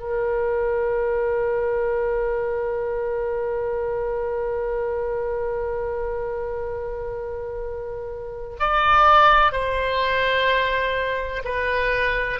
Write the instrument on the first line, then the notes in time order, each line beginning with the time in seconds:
oboe
0.00 A#4
8.60 D5
9.52 C5
11.45 B4